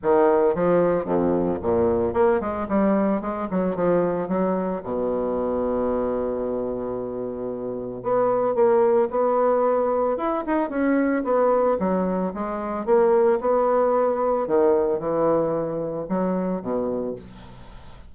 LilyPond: \new Staff \with { instrumentName = "bassoon" } { \time 4/4 \tempo 4 = 112 dis4 f4 f,4 ais,4 | ais8 gis8 g4 gis8 fis8 f4 | fis4 b,2.~ | b,2. b4 |
ais4 b2 e'8 dis'8 | cis'4 b4 fis4 gis4 | ais4 b2 dis4 | e2 fis4 b,4 | }